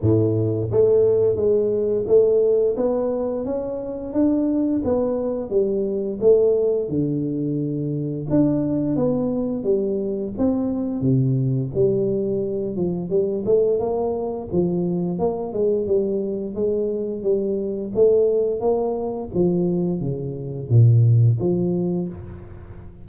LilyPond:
\new Staff \with { instrumentName = "tuba" } { \time 4/4 \tempo 4 = 87 a,4 a4 gis4 a4 | b4 cis'4 d'4 b4 | g4 a4 d2 | d'4 b4 g4 c'4 |
c4 g4. f8 g8 a8 | ais4 f4 ais8 gis8 g4 | gis4 g4 a4 ais4 | f4 cis4 ais,4 f4 | }